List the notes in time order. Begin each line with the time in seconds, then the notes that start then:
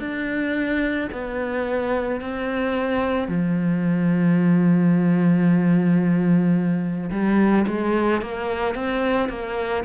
0.00 D4
1.12 B3
2.21 C4
3.29 F3
7.12 G3
7.68 G#3
8.22 A#3
8.75 C4
9.30 A#3